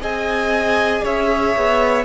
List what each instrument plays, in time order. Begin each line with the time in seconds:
0.00 cello C4, viola G#4, violin D#5 G#5
1.03 cello C#4, violin C#5 E5
1.57 cello B3